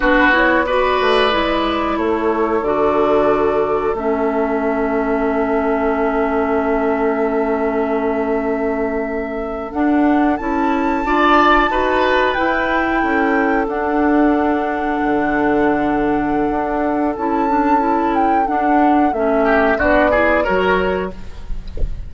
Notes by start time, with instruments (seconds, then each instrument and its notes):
0.00 bassoon B3, clarinet D4, oboe F#4, flute B4
0.31 clarinet E4, flute C#5
0.65 clarinet F#4, oboe B4, flute D5
1.00 bassoon A3
1.30 bassoon G#3, clarinet E4
1.97 bassoon A3, oboe A4, flute C#5
2.61 bassoon D3, clarinet F#4, flute D5
3.94 bassoon A3, clarinet C#4, flute E5
9.72 clarinet D4, bassoon D4, flute F#5
10.36 bassoon C#4, clarinet E4, flute A5
11.04 bassoon D4, clarinet F4, oboe D5
11.69 bassoon D#4, clarinet F#4, oboe B4
12.33 clarinet E4, bassoon E4, flute G5
13.01 bassoon C#4, oboe A4
13.67 bassoon D4, clarinet D4, flute F#5
15.03 bassoon D3
16.50 bassoon D4
17.15 bassoon C#4, clarinet E4, flute A5
17.48 clarinet D4
17.79 clarinet E4
18.14 flute G5
18.45 clarinet D4, bassoon D4, flute F#5
19.12 bassoon A3, clarinet C#4, flute E5
19.44 oboe G4
19.78 bassoon B3, clarinet D4, oboe F#4, flute D5
20.10 clarinet E4, oboe G#4
20.44 bassoon F#3, clarinet F#4, oboe A#4, flute C#5